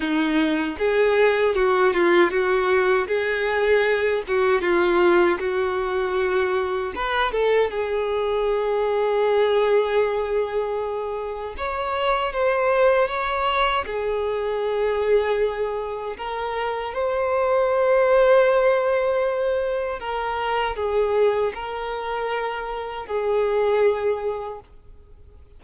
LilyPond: \new Staff \with { instrumentName = "violin" } { \time 4/4 \tempo 4 = 78 dis'4 gis'4 fis'8 f'8 fis'4 | gis'4. fis'8 f'4 fis'4~ | fis'4 b'8 a'8 gis'2~ | gis'2. cis''4 |
c''4 cis''4 gis'2~ | gis'4 ais'4 c''2~ | c''2 ais'4 gis'4 | ais'2 gis'2 | }